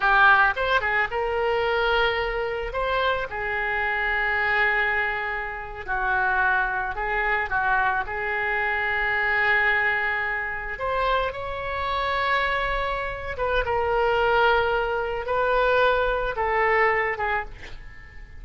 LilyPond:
\new Staff \with { instrumentName = "oboe" } { \time 4/4 \tempo 4 = 110 g'4 c''8 gis'8 ais'2~ | ais'4 c''4 gis'2~ | gis'2~ gis'8. fis'4~ fis'16~ | fis'8. gis'4 fis'4 gis'4~ gis'16~ |
gis'2.~ gis'8. c''16~ | c''8. cis''2.~ cis''16~ | cis''8 b'8 ais'2. | b'2 a'4. gis'8 | }